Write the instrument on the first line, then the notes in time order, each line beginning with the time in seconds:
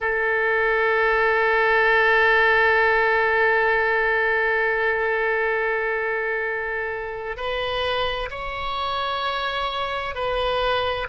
oboe
0.00 A4
7.36 B4
8.30 C#5
10.14 B4